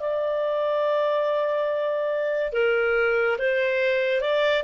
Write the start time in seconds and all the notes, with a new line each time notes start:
0.00 D5
2.53 A#4
3.39 C5
4.21 D5